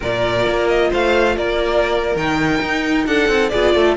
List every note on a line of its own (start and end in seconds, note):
0.00 0.46 A#2
0.00 2.16 F4
0.00 0.87 A#4
0.00 0.68 D5
0.46 0.91 A#3
0.68 0.90 D#5
0.90 1.37 A3
0.90 1.35 C5
0.90 1.37 F5
1.37 2.15 A#3
1.37 3.07 A#4
1.37 2.16 D5
2.15 2.61 D#3
2.15 3.52 D#4
2.15 3.06 G5
2.61 3.06 D#4
3.06 3.28 D4
3.06 3.52 A4
3.06 3.49 F#5
3.28 3.51 C4
3.49 3.74 B3
3.49 3.97 F4
3.49 3.75 G#4
3.49 3.94 D5
3.74 3.97 A3
3.74 3.97 A4